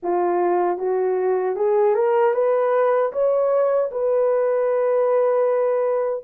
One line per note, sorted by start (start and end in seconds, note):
0.02 0.78 F4
0.78 1.55 F#4
1.55 1.94 G#4
1.94 2.33 A#4
2.34 3.12 B4
3.12 3.90 C#5
3.91 6.23 B4